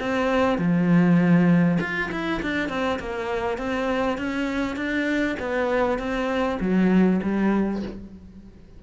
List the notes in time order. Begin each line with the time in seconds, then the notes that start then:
0.00 C4
0.59 F3
1.81 F4
2.12 E4
2.43 D4
2.69 C4
3.00 A#3
3.58 C4
4.18 C#4
4.76 D4
5.40 B3
5.99 C4
6.61 F#3
7.23 G3